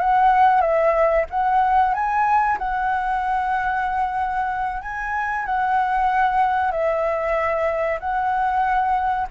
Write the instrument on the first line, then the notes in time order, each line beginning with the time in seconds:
flute
0.00 F#5
0.62 E5
1.31 F#5
1.94 G#5
2.59 F#5
4.82 G#5
5.46 F#5
6.72 E5
8.00 F#5